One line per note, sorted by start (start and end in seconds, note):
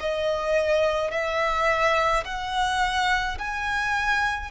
0.00 1.11 D#5
1.11 2.24 E5
2.25 3.38 F#5
3.39 4.51 G#5